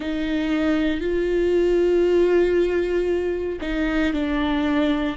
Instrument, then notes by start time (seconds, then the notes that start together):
viola
0.00 D#4
1.00 F4
3.61 D#4
4.13 D4